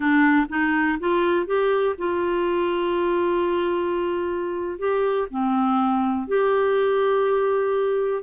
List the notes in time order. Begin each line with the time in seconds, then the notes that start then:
0.00 D4
0.49 D#4
0.99 F4
1.46 G4
1.97 F4
4.78 G4
5.30 C4
6.27 G4